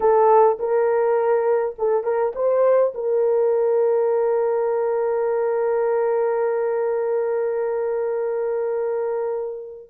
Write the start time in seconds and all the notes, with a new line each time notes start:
0.00 A4
0.59 A#4
1.78 A4
2.03 A#4
2.35 C5
2.94 A#4